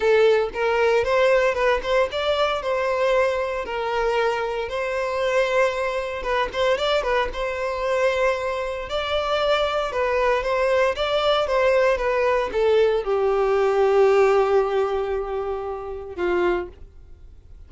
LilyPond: \new Staff \with { instrumentName = "violin" } { \time 4/4 \tempo 4 = 115 a'4 ais'4 c''4 b'8 c''8 | d''4 c''2 ais'4~ | ais'4 c''2. | b'8 c''8 d''8 b'8 c''2~ |
c''4 d''2 b'4 | c''4 d''4 c''4 b'4 | a'4 g'2.~ | g'2. f'4 | }